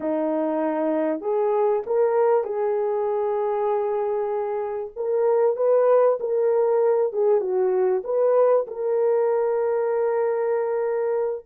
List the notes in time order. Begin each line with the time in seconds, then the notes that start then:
0.00 D#4
1.21 G#4
1.86 A#4
2.43 G#4
4.95 A#4
5.56 B4
6.19 A#4
7.12 G#4
7.40 F#4
8.04 B4
8.67 A#4